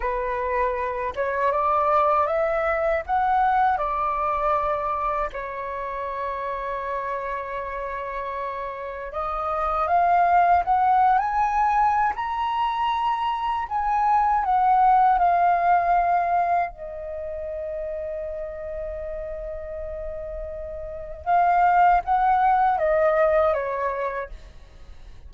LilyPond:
\new Staff \with { instrumentName = "flute" } { \time 4/4 \tempo 4 = 79 b'4. cis''8 d''4 e''4 | fis''4 d''2 cis''4~ | cis''1 | dis''4 f''4 fis''8. gis''4~ gis''16 |
ais''2 gis''4 fis''4 | f''2 dis''2~ | dis''1 | f''4 fis''4 dis''4 cis''4 | }